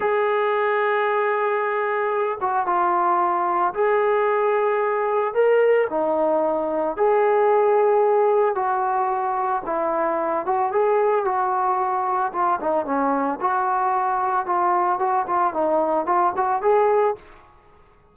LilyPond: \new Staff \with { instrumentName = "trombone" } { \time 4/4 \tempo 4 = 112 gis'1~ | gis'8 fis'8 f'2 gis'4~ | gis'2 ais'4 dis'4~ | dis'4 gis'2. |
fis'2 e'4. fis'8 | gis'4 fis'2 f'8 dis'8 | cis'4 fis'2 f'4 | fis'8 f'8 dis'4 f'8 fis'8 gis'4 | }